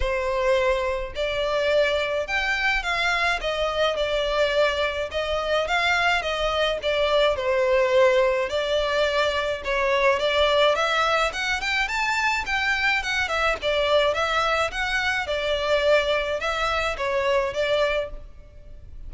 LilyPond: \new Staff \with { instrumentName = "violin" } { \time 4/4 \tempo 4 = 106 c''2 d''2 | g''4 f''4 dis''4 d''4~ | d''4 dis''4 f''4 dis''4 | d''4 c''2 d''4~ |
d''4 cis''4 d''4 e''4 | fis''8 g''8 a''4 g''4 fis''8 e''8 | d''4 e''4 fis''4 d''4~ | d''4 e''4 cis''4 d''4 | }